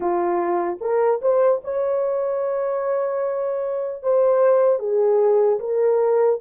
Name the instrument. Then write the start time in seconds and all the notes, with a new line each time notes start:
horn
0.00 F4
0.80 A#4
1.21 C5
1.64 C#5
4.02 C5
4.79 G#4
5.59 A#4